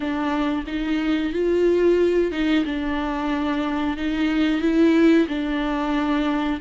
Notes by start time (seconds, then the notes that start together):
0.00 D4
0.67 D#4
1.32 F4
2.31 D#4
2.65 D4
3.97 D#4
4.61 E4
5.27 D4